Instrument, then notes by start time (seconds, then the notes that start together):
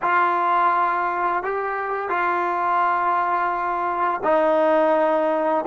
trombone
0.02 F4
1.43 G4
2.09 F4
4.23 D#4